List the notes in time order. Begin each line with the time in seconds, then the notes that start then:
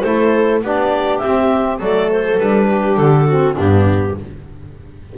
0.00 A3 E4 A4 C5
0.62 B3 D4 G4 D5
1.18 C4 E5
1.79 F#3 A3 A4 D5
2.11 C5
2.38 G3 D4 B4
2.69 G4
2.96 D3 A4
3.27 C4 F#4
3.55 G2 B3 D4 G4